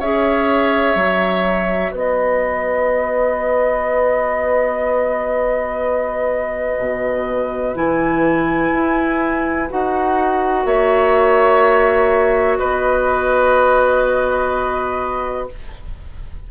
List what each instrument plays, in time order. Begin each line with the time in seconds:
0.00 bassoon C#4, clarinet G#4, oboe C#5, flute E5
0.96 bassoon F#3, clarinet F#4
1.92 bassoon B3, oboe B4, flute D#5
6.79 bassoon B2
7.75 bassoon E3, clarinet E4, flute G#5
8.72 bassoon E4
9.70 bassoon D#4, clarinet F#4, flute F#5
10.66 bassoon A#3, oboe C#5, flute E5
12.58 bassoon B3, oboe B4, flute D#5